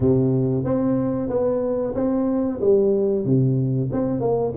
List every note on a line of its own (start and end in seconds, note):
0.00 0.64 C3
0.64 1.29 C4
1.29 1.94 B3
1.94 2.60 C4
2.61 3.25 G3
3.25 3.90 C3
3.92 4.20 C4
4.20 4.53 A#3